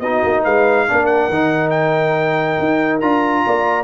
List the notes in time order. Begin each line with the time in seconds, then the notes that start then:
0.00 B3 D#4 F#4 D#5
0.24 A#3
0.43 G#3 B4 F5
0.88 A#3 D4 A#4
1.06 F#5
1.29 D#3 D#4
1.70 G5
2.59 D#4
3.00 D4 F4 A#5
3.45 A#3 D5